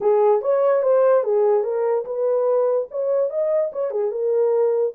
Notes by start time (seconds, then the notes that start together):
0.00 G#4
0.41 C#5
0.82 C5
1.23 G#4
1.63 A#4
2.05 B4
2.90 C#5
3.30 D#5
3.72 C#5
3.90 G#4
4.11 A#4